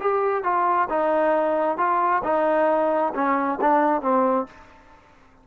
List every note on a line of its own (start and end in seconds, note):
0.00 0.44 G4
0.44 0.89 F4
0.90 1.78 D#4
1.78 2.23 F4
2.24 3.13 D#4
3.14 3.59 C#4
3.61 4.02 D4
4.02 4.47 C4